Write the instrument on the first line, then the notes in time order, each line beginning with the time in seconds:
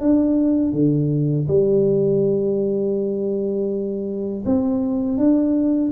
tuba
0.00 D4
0.72 D3
1.47 G3
4.45 C4
5.18 D4